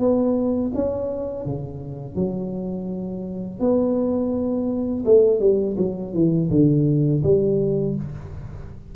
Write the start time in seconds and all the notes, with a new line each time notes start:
0.00 B3
0.75 C#4
1.46 C#3
2.16 F#3
3.60 B3
5.06 A3
5.41 G3
5.78 F#3
6.14 E3
6.51 D3
7.24 G3